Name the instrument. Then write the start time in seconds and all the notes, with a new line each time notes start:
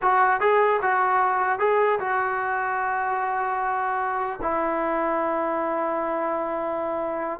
trombone
0.01 F#4
0.40 G#4
0.82 F#4
1.59 G#4
1.99 F#4
4.41 E4